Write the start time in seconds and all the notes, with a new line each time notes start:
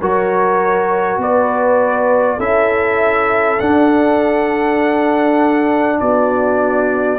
0.00 F#3 F#4 A#4 C#5
1.17 B3 B4 D5
2.37 C#4 E4 A4 E5
3.59 D4 F#5
6.00 B3 F#4 D5